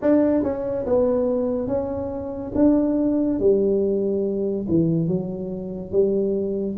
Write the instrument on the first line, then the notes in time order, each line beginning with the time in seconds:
tuba
0.01 D4
0.43 C#4
0.86 B3
1.67 C#4
2.55 D4
3.39 G3
4.68 E3
5.07 F#3
5.92 G3